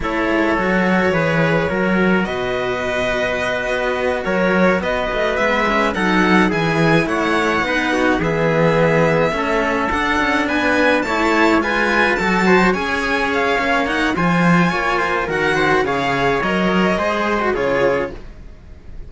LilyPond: <<
  \new Staff \with { instrumentName = "violin" } { \time 4/4 \tempo 4 = 106 cis''1 | dis''2.~ dis''8 cis''8~ | cis''8 dis''4 e''4 fis''4 gis''8~ | gis''8 fis''2 e''4.~ |
e''4. fis''4 gis''4 a''8~ | a''8 gis''4 a''4 gis''4 f''8~ | f''8 fis''8 gis''2 fis''4 | f''4 dis''2 cis''4 | }
  \new Staff \with { instrumentName = "trumpet" } { \time 4/4 a'2 b'4 ais'4 | b'2.~ b'8 ais'8~ | ais'8 b'2 a'4 gis'8~ | gis'8 cis''4 b'8 fis'8 gis'4.~ |
gis'8 a'2 b'4 cis''8~ | cis''8 b'4 a'8 c''8 cis''4.~ | cis''4 c''4 cis''8 c''8 ais'8 c''8 | cis''2 c''4 gis'4 | }
  \new Staff \with { instrumentName = "cello" } { \time 4/4 e'4 fis'4 gis'4 fis'4~ | fis'1~ | fis'4. b8 cis'8 dis'4 e'8~ | e'4. dis'4 b4.~ |
b8 cis'4 d'2 e'8~ | e'8 f'4 fis'4 gis'4. | cis'8 dis'8 f'2 fis'4 | gis'4 ais'4 gis'8. fis'16 f'4 | }
  \new Staff \with { instrumentName = "cello" } { \time 4/4 a8 gis8 fis4 e4 fis4 | b,2~ b,8 b4 fis8~ | fis8 b8 a8 gis4 fis4 e8~ | e8 a4 b4 e4.~ |
e8 a4 d'8 cis'8 b4 a8~ | a8 gis4 fis4 cis'4. | ais4 f4 ais4 dis4 | cis4 fis4 gis4 cis4 | }
>>